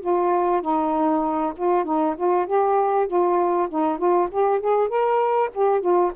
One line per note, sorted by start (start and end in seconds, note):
0.00 0.61 F4
0.61 1.53 D#4
1.56 1.84 F4
1.84 2.15 D#4
2.17 2.46 F4
2.46 3.07 G4
3.07 3.68 F4
3.69 3.97 D#4
3.97 4.28 F4
4.31 4.59 G4
4.59 4.88 G#4
4.88 5.49 A#4
5.54 5.81 G4
5.81 6.11 F4